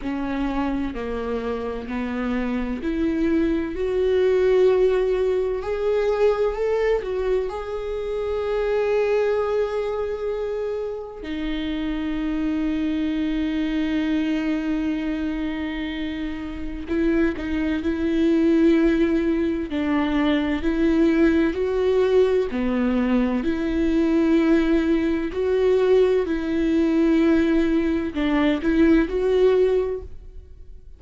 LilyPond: \new Staff \with { instrumentName = "viola" } { \time 4/4 \tempo 4 = 64 cis'4 ais4 b4 e'4 | fis'2 gis'4 a'8 fis'8 | gis'1 | dis'1~ |
dis'2 e'8 dis'8 e'4~ | e'4 d'4 e'4 fis'4 | b4 e'2 fis'4 | e'2 d'8 e'8 fis'4 | }